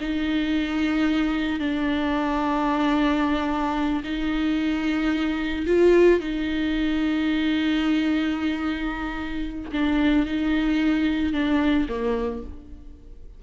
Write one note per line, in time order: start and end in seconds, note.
0.00 1.59 D#4
1.59 4.02 D4
4.03 5.65 D#4
5.66 6.20 F4
6.20 9.71 D#4
9.71 10.26 D4
10.26 11.32 D#4
11.32 11.86 D4
11.88 12.43 A#3